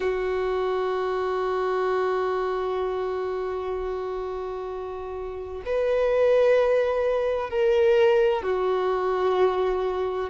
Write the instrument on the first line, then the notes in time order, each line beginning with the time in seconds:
violin
0.00 F#4
5.65 B4
7.50 A#4
8.42 F#4